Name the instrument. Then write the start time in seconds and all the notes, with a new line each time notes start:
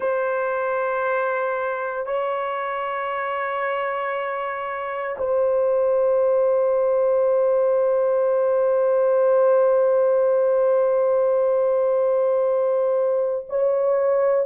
horn
0.00 C5
2.05 C#5
5.18 C5
13.49 C#5